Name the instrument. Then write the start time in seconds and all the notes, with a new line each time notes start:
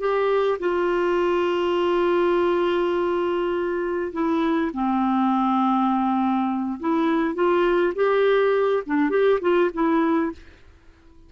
clarinet
0.00 G4
0.59 F4
4.13 E4
4.74 C4
6.80 E4
7.34 F4
7.95 G4
8.86 D4
9.10 G4
9.41 F4
9.73 E4